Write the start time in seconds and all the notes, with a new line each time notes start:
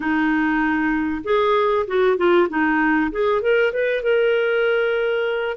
0.00 D#4
1.24 G#4
1.87 F#4
2.16 F4
2.49 D#4
3.11 G#4
3.41 A#4
3.73 B4
4.02 A#4